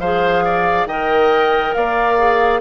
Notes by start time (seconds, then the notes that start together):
0.00 F3 G#4 C5 F5
0.45 D5
0.86 D#3 A#4 D#5 G5
1.74 A#3 D5 F5
2.18 G#4